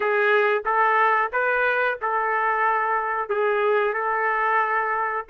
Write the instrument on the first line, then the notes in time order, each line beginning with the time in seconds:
trumpet
0.00 G#4
0.65 A4
1.32 B4
2.01 A4
3.29 G#4
3.93 A4